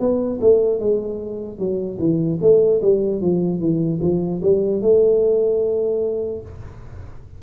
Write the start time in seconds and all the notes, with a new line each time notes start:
0.00 B3
0.41 A3
0.80 G#3
1.59 F#3
1.99 E3
2.41 A3
2.82 G3
3.22 F3
3.60 E3
4.02 F3
4.43 G3
4.82 A3